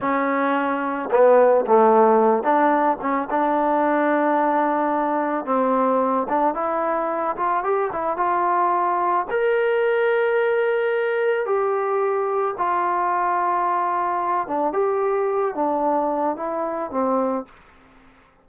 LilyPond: \new Staff \with { instrumentName = "trombone" } { \time 4/4 \tempo 4 = 110 cis'2 b4 a4~ | a8 d'4 cis'8 d'2~ | d'2 c'4. d'8 | e'4. f'8 g'8 e'8 f'4~ |
f'4 ais'2.~ | ais'4 g'2 f'4~ | f'2~ f'8 d'8 g'4~ | g'8 d'4. e'4 c'4 | }